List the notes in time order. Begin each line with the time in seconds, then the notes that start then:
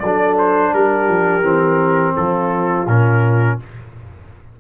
0.00 F#3 A4 D5
0.06 D4
0.39 C5
0.73 G3 G4 A#4
1.09 F3
1.43 E3 C4
2.16 F3 F4 A4
2.87 A#2 C#4 A#4